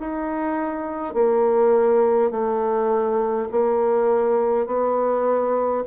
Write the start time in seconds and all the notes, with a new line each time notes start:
0.00 D#4
1.14 A#3
2.31 A3
3.51 A#3
4.67 B3